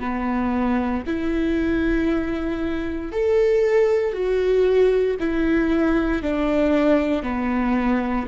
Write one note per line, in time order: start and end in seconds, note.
0.00 1.03 B3
1.07 3.12 E4
3.12 4.13 A4
4.13 5.17 F#4
5.20 6.23 E4
6.23 7.23 D4
7.23 8.27 B3